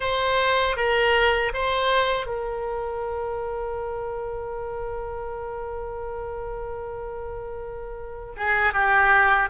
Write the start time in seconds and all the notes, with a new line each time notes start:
0.00 C5
0.76 A#4
1.53 C5
2.26 A#4
8.36 G#4
8.73 G4